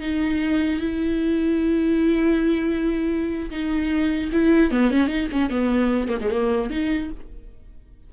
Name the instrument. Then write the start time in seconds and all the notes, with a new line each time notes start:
viola
0.00 D#4
0.80 E4
3.50 D#4
4.32 E4
4.71 B3
4.90 C#4
5.07 D#4
5.31 C#4
5.49 B3
6.08 A#3
6.20 G#3
6.30 A#3
6.70 D#4